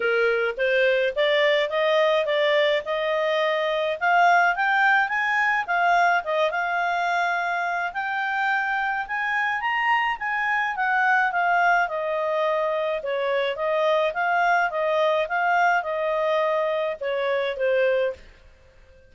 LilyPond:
\new Staff \with { instrumentName = "clarinet" } { \time 4/4 \tempo 4 = 106 ais'4 c''4 d''4 dis''4 | d''4 dis''2 f''4 | g''4 gis''4 f''4 dis''8 f''8~ | f''2 g''2 |
gis''4 ais''4 gis''4 fis''4 | f''4 dis''2 cis''4 | dis''4 f''4 dis''4 f''4 | dis''2 cis''4 c''4 | }